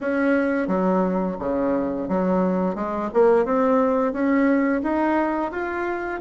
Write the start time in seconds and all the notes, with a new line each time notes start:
0.01 C#4
0.67 F#3
1.39 C#3
2.08 F#3
2.75 G#3
3.13 A#3
3.45 C4
4.12 C#4
4.82 D#4
5.51 F4